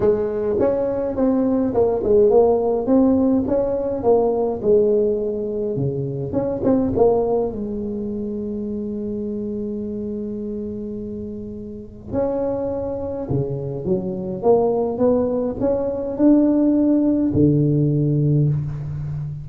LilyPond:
\new Staff \with { instrumentName = "tuba" } { \time 4/4 \tempo 4 = 104 gis4 cis'4 c'4 ais8 gis8 | ais4 c'4 cis'4 ais4 | gis2 cis4 cis'8 c'8 | ais4 gis2.~ |
gis1~ | gis4 cis'2 cis4 | fis4 ais4 b4 cis'4 | d'2 d2 | }